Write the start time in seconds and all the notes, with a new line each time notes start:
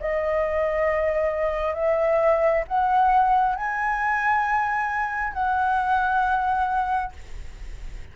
0.00 D#5
1.74 E5
2.67 F#5
3.56 G#5
5.33 F#5